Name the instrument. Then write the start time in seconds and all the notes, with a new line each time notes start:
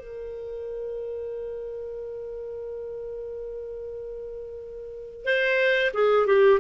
clarinet
0.00 A#4
5.25 C5
5.94 G#4
6.27 G4